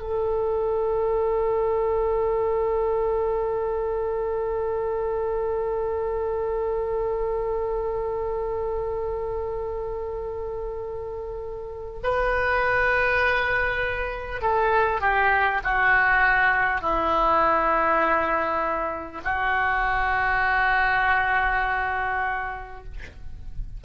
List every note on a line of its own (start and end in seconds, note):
0.00 12.00 A4
12.03 14.42 B4
14.42 15.01 A4
15.01 15.61 G4
15.64 16.82 F#4
16.82 19.22 E4
19.25 22.85 F#4